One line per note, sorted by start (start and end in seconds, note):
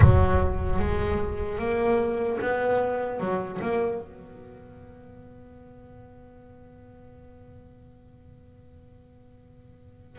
0.00 0.79 F#3
0.79 1.58 G#3
1.58 2.38 A#3
2.41 3.20 B3
3.20 3.60 F#3
3.61 4.01 A#3
4.01 10.19 B3